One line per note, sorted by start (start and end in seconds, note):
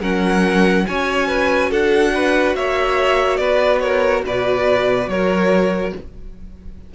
0.00 0.86 F#3
0.00 0.86 C#4
0.00 0.85 A#4
0.00 0.87 F#5
0.87 1.71 C#4
0.87 5.94 F#4
0.87 1.27 C#5
0.87 1.71 G#5
1.27 1.70 B4
1.70 2.55 D4
1.70 2.12 A4
1.70 2.55 F#5
2.14 2.56 B4
2.55 3.39 A#3
2.55 3.39 C#5
2.55 3.37 E5
3.37 4.23 B3
3.37 3.82 B4
3.37 3.79 D5
3.80 4.24 A#4
3.80 4.22 C#5
4.25 5.07 B2
4.25 5.10 B4
4.25 5.09 D5
5.07 5.92 F#3
5.07 5.95 A#4
5.07 5.93 C#5